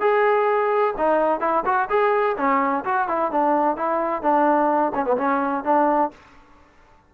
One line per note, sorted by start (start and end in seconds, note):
0.00 0.94 G#4
0.97 1.40 D#4
1.40 1.63 E4
1.65 1.88 F#4
1.89 2.36 G#4
2.37 2.84 C#4
2.84 3.08 F#4
3.08 3.31 E4
3.31 3.76 D4
3.76 4.22 E4
4.22 4.92 D4
4.94 5.05 C#4
5.05 5.16 B3
5.17 5.64 C#4
5.64 6.11 D4